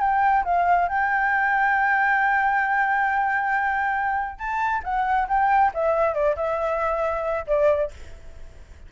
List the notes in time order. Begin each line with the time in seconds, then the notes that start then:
0.00 G5
0.44 F5
0.88 G5
4.38 A5
4.83 F#5
5.28 G5
5.74 E5
6.14 D5
6.36 E5
7.47 D5